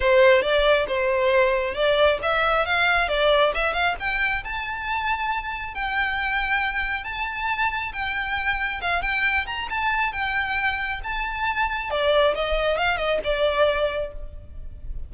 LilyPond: \new Staff \with { instrumentName = "violin" } { \time 4/4 \tempo 4 = 136 c''4 d''4 c''2 | d''4 e''4 f''4 d''4 | e''8 f''8 g''4 a''2~ | a''4 g''2. |
a''2 g''2 | f''8 g''4 ais''8 a''4 g''4~ | g''4 a''2 d''4 | dis''4 f''8 dis''8 d''2 | }